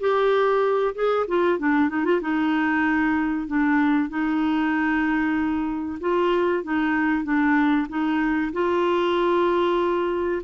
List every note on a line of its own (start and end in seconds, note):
0.00 0.95 G4
0.95 1.27 G#4
1.28 1.59 F4
1.59 1.89 D4
1.89 2.05 D#4
2.05 2.21 F4
2.21 3.48 D#4
3.48 4.09 D4
4.09 5.99 D#4
6.01 6.64 F4
6.64 7.24 D#4
7.24 7.87 D4
7.89 8.52 D#4
8.53 10.42 F4